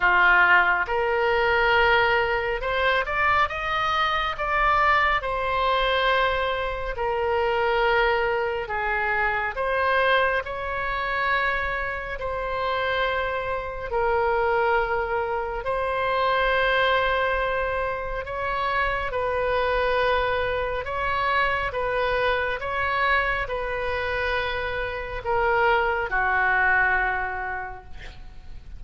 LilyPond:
\new Staff \with { instrumentName = "oboe" } { \time 4/4 \tempo 4 = 69 f'4 ais'2 c''8 d''8 | dis''4 d''4 c''2 | ais'2 gis'4 c''4 | cis''2 c''2 |
ais'2 c''2~ | c''4 cis''4 b'2 | cis''4 b'4 cis''4 b'4~ | b'4 ais'4 fis'2 | }